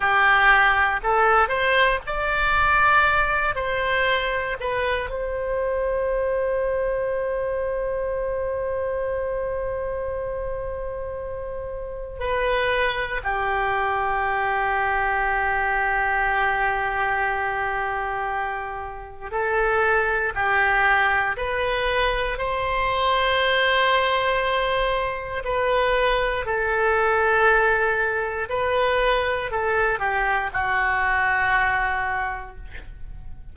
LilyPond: \new Staff \with { instrumentName = "oboe" } { \time 4/4 \tempo 4 = 59 g'4 a'8 c''8 d''4. c''8~ | c''8 b'8 c''2.~ | c''1 | b'4 g'2.~ |
g'2. a'4 | g'4 b'4 c''2~ | c''4 b'4 a'2 | b'4 a'8 g'8 fis'2 | }